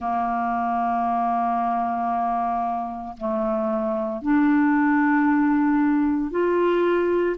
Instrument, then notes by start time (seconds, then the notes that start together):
clarinet
0.00 A#3
3.17 A3
4.22 D4
6.30 F4